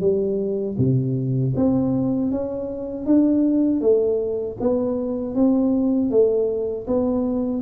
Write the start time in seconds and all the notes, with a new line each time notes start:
0.00 G3
0.77 C3
1.55 C4
2.31 C#4
3.05 D4
3.81 A3
4.60 B3
5.35 C4
6.10 A3
6.87 B3